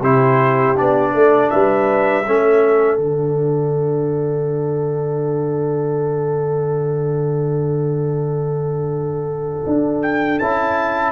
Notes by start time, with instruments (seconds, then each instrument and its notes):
0.00 tuba C3, trombone E4, horn G4, trumpet C5
0.75 tuba B3, trombone D4, trumpet D5
1.13 tuba A3, horn A4
1.50 tuba G3, horn B4, trumpet E5
2.26 tuba A3, trombone C#4, horn A4
2.98 tuba D3, trombone D4, trumpet F#5
9.66 tuba D4
10.02 trumpet G5
10.38 tuba C#4, trombone E4, trumpet A5